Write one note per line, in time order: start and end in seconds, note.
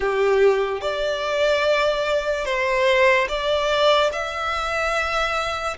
0.00 0.81 G4
0.81 2.45 D5
2.45 3.27 C5
3.28 4.10 D5
4.12 5.76 E5